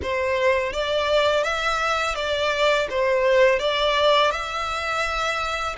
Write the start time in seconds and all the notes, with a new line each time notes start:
0.02 C5
0.73 D5
1.43 E5
2.15 D5
2.89 C5
3.59 D5
4.31 E5